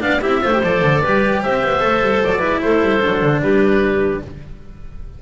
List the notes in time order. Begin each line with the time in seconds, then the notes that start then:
0.00 B3 D4 D5 F5
0.21 C4 E4 G4 E5
0.41 A3 F4 C5
0.52 G4
0.63 F3 A4 D5
0.82 D3
1.02 G3 G4 B4
1.42 C4 C5 E5
1.63 B3
1.80 A3 A4
2.02 G3
2.24 F#3 D5
2.38 G#3 E4 B4
2.61 A3 A4 C5
2.82 G3
3.01 F#3 D4
3.22 D3
3.41 G3 G4 B4